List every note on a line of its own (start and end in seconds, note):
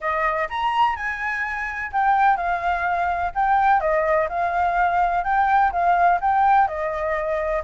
0.00 0.48 D#5
0.49 0.96 A#5
0.96 1.91 G#5
1.92 2.37 G5
2.37 3.32 F5
3.35 3.80 G5
3.80 4.27 D#5
4.29 5.24 F5
5.24 5.71 G5
5.72 6.19 F5
6.20 6.67 G5
6.67 7.63 D#5